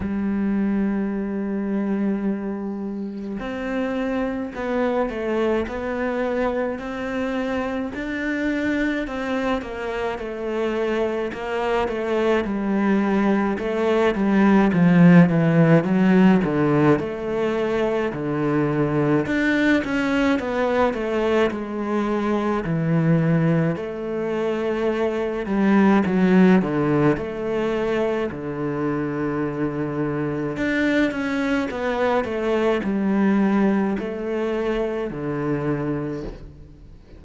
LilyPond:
\new Staff \with { instrumentName = "cello" } { \time 4/4 \tempo 4 = 53 g2. c'4 | b8 a8 b4 c'4 d'4 | c'8 ais8 a4 ais8 a8 g4 | a8 g8 f8 e8 fis8 d8 a4 |
d4 d'8 cis'8 b8 a8 gis4 | e4 a4. g8 fis8 d8 | a4 d2 d'8 cis'8 | b8 a8 g4 a4 d4 | }